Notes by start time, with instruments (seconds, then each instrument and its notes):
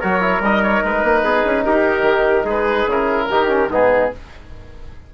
0.00 bassoon F#3, trombone F#4, trumpet A#4, oboe C#5
0.21 trombone E4
0.40 bassoon G3, trombone D#4, oboe D#5
0.63 oboe C#5
0.84 bassoon G#3, oboe B4
1.03 bassoon A#3
1.23 bassoon B3, trumpet G#4
1.45 bassoon C#4
1.64 bassoon D#4, trumpet G4, oboe A#4
2.02 bassoon D#3
2.44 bassoon G#3, trumpet G#4, oboe B4
2.86 bassoon C#3, trombone E4, oboe A#4
3.31 bassoon D#3, trombone D#4, trumpet G4
3.48 trombone C#4
3.69 bassoon G#2, trombone B3, trumpet D#4, oboe G#4